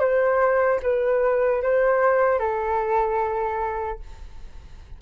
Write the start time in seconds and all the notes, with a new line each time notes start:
0.00 C5
0.83 B4
1.63 C5
2.39 A4